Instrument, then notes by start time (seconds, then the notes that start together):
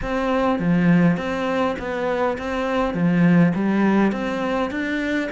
cello
0.02 C4
0.59 F3
1.17 C4
1.78 B3
2.38 C4
2.94 F3
3.55 G3
4.11 C4
4.70 D4